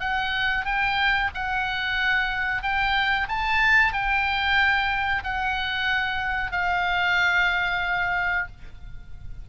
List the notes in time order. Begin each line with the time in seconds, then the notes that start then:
0.00 F#5
0.65 G5
1.35 F#5
2.62 G5
3.28 A5
3.93 G5
5.23 F#5
6.52 F5